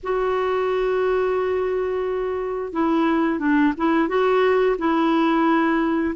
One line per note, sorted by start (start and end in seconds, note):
0.03 2.73 F#4
2.73 3.39 E4
3.39 3.73 D4
3.77 4.08 E4
4.08 4.76 F#4
4.78 6.14 E4